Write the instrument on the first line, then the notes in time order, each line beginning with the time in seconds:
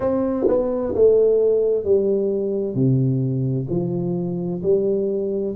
tuba
0.00 C4
0.48 B3
0.94 A3
1.84 G3
2.74 C3
3.69 F3
4.62 G3